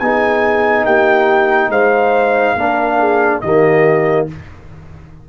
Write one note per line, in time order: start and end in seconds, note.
0.00 0.85 B3
0.00 2.58 D#4
0.00 0.86 G#4
0.00 0.86 G#5
0.85 1.70 A#3
0.85 1.71 G4
0.85 1.72 G5
1.70 2.55 G#3
1.70 2.57 C5
1.70 3.41 F5
2.56 3.42 A#3
2.56 3.44 D4
2.56 3.00 A#4
3.00 3.43 G#4
3.41 4.29 D#3
3.41 4.29 A#3
3.41 4.29 G4
3.41 4.27 D#5